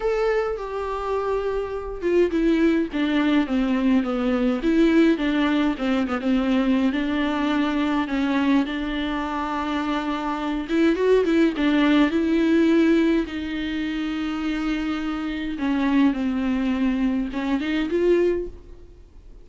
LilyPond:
\new Staff \with { instrumentName = "viola" } { \time 4/4 \tempo 4 = 104 a'4 g'2~ g'8 f'8 | e'4 d'4 c'4 b4 | e'4 d'4 c'8 b16 c'4~ c'16 | d'2 cis'4 d'4~ |
d'2~ d'8 e'8 fis'8 e'8 | d'4 e'2 dis'4~ | dis'2. cis'4 | c'2 cis'8 dis'8 f'4 | }